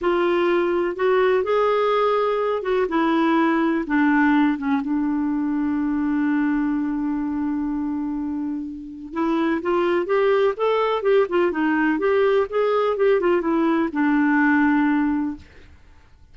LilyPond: \new Staff \with { instrumentName = "clarinet" } { \time 4/4 \tempo 4 = 125 f'2 fis'4 gis'4~ | gis'4. fis'8 e'2 | d'4. cis'8 d'2~ | d'1~ |
d'2. e'4 | f'4 g'4 a'4 g'8 f'8 | dis'4 g'4 gis'4 g'8 f'8 | e'4 d'2. | }